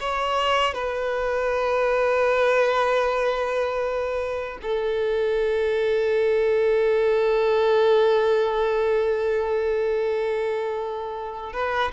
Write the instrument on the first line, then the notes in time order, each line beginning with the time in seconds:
violin
0.00 C#5
0.74 B4
4.62 A4
11.53 B4